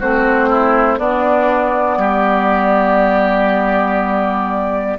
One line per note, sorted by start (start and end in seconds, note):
0.00 0.98 A3
0.00 0.98 C4
0.00 0.49 F#4
0.00 0.99 C5
0.49 0.99 E4
0.98 4.98 B3
0.98 1.97 B3
0.98 1.99 D4
0.98 4.99 D5
1.97 4.97 G3
1.97 4.99 G4